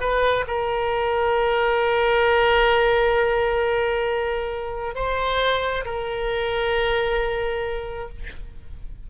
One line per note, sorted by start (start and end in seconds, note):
0.00 0.45 B4
0.47 4.95 A#4
4.95 5.84 C5
5.84 8.08 A#4